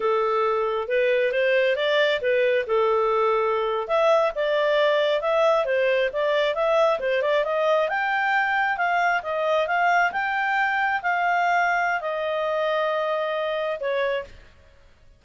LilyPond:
\new Staff \with { instrumentName = "clarinet" } { \time 4/4 \tempo 4 = 135 a'2 b'4 c''4 | d''4 b'4 a'2~ | a'8. e''4 d''2 e''16~ | e''8. c''4 d''4 e''4 c''16~ |
c''16 d''8 dis''4 g''2 f''16~ | f''8. dis''4 f''4 g''4~ g''16~ | g''8. f''2~ f''16 dis''4~ | dis''2. cis''4 | }